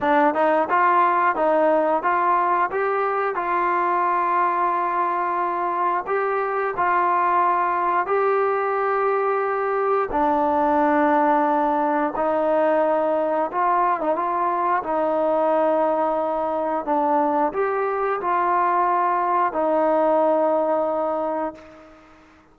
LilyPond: \new Staff \with { instrumentName = "trombone" } { \time 4/4 \tempo 4 = 89 d'8 dis'8 f'4 dis'4 f'4 | g'4 f'2.~ | f'4 g'4 f'2 | g'2. d'4~ |
d'2 dis'2 | f'8. dis'16 f'4 dis'2~ | dis'4 d'4 g'4 f'4~ | f'4 dis'2. | }